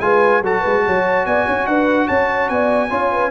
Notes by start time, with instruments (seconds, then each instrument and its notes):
0.00 tuba G#3, trombone F4, horn B4, trumpet G#5
0.41 tuba F#3, trombone F#4, horn A4, trumpet A5
0.60 tuba G#3, horn B4
0.86 tuba F#3, horn C#5
1.26 tuba B3, horn D5, trumpet G#5
1.46 tuba C#4, horn C#5
1.66 tuba D4, horn B4, trumpet F#5
2.07 tuba C#4, horn C#5, trumpet A5
2.49 tuba B3, horn D5, trumpet G#5
2.89 tuba C#4, trombone F4, horn C#5
3.11 horn B4